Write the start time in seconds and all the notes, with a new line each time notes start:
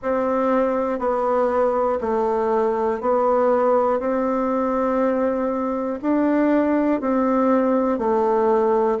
0.02 C4
0.99 B3
2.00 A3
3.00 B3
4.00 C4
6.02 D4
7.00 C4
7.98 A3